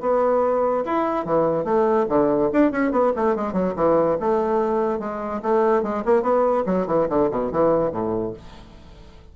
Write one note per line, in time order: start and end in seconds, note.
0.00 0.83 B3
0.85 1.25 E4
1.25 1.64 E3
1.64 2.06 A3
2.08 2.50 D3
2.52 2.71 D4
2.71 2.91 C#4
2.91 3.12 B3
3.16 3.35 A3
3.35 3.52 G#3
3.52 3.73 F#3
3.76 4.17 E3
4.20 4.99 A3
4.99 5.41 G#3
5.42 5.82 A3
5.82 6.03 G#3
6.05 6.22 A#3
6.22 6.64 B3
6.66 6.86 F#3
6.87 7.07 E3
7.09 7.30 D3
7.30 7.51 B2
7.51 7.91 E3
7.91 8.33 A2